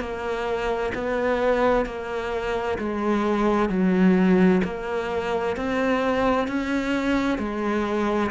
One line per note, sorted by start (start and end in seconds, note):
0.00 0.92 A#3
0.94 1.86 B3
1.86 2.78 A#3
2.78 3.69 G#3
3.69 4.62 F#3
4.64 5.56 A#3
5.56 6.47 C4
6.47 7.38 C#4
7.38 8.30 G#3